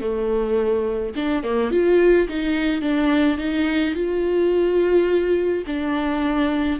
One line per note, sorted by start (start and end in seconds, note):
0.00 1.13 A3
1.16 1.43 D4
1.43 1.71 A#3
1.71 2.27 F4
2.28 2.81 D#4
2.81 3.38 D4
3.38 3.94 D#4
3.94 5.64 F4
5.66 6.79 D4